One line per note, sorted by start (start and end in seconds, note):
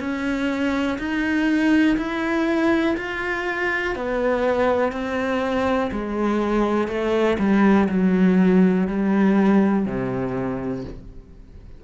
0.00 0.98 C#4
0.99 1.97 D#4
1.98 2.96 E4
2.97 3.96 F4
3.96 4.93 B3
4.93 5.91 C4
5.92 6.88 G#3
6.88 7.37 A3
7.39 7.89 G3
7.90 8.88 F#3
8.88 9.86 G3
9.86 10.85 C3